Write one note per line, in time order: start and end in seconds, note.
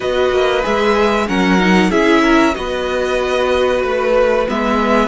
0.00 0.31 B3
0.00 0.61 F#4
0.00 1.26 B4
0.00 0.64 D#5
0.31 0.63 A#3
0.62 1.29 G#3
0.62 1.26 G#4
0.62 1.28 E5
1.27 1.90 F#3
1.27 1.58 C#4
1.27 1.90 A#4
1.27 1.91 F#5
1.58 1.90 D#4
1.90 2.54 C#4
1.90 2.53 E4
1.90 2.22 G#4
1.90 2.54 E5
2.22 2.54 A#4
2.53 3.83 B3
2.53 4.45 F#4
2.53 5.07 B4
2.53 3.82 D#5
3.82 4.47 A3
3.82 4.46 B4
4.47 5.07 G#3
4.47 5.07 B3
4.47 5.07 E5